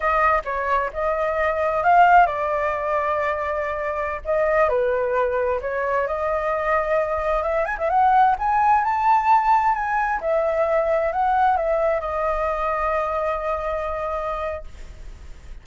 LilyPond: \new Staff \with { instrumentName = "flute" } { \time 4/4 \tempo 4 = 131 dis''4 cis''4 dis''2 | f''4 d''2.~ | d''4~ d''16 dis''4 b'4.~ b'16~ | b'16 cis''4 dis''2~ dis''8.~ |
dis''16 e''8 gis''16 e''16 fis''4 gis''4 a''8.~ | a''4~ a''16 gis''4 e''4.~ e''16~ | e''16 fis''4 e''4 dis''4.~ dis''16~ | dis''1 | }